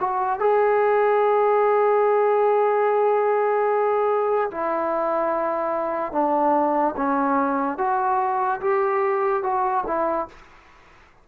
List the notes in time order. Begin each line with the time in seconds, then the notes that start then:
0.00 F#4
0.40 G#4
4.51 E4
6.12 D4
6.97 C#4
7.78 F#4
8.61 G4
9.43 F#4
9.87 E4